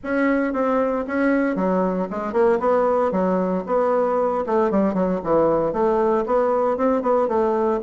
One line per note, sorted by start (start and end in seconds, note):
0.03 0.53 C#4
0.53 1.05 C4
1.07 1.55 C#4
1.55 2.08 F#3
2.10 2.32 G#3
2.32 2.58 A#3
2.59 3.11 B3
3.11 3.63 F#3
3.66 4.44 B3
4.46 4.70 A3
4.70 4.94 G3
4.94 5.20 F#3
5.23 5.72 E3
5.72 6.25 A3
6.25 6.77 B3
6.77 7.02 C4
7.02 7.28 B3
7.28 7.80 A3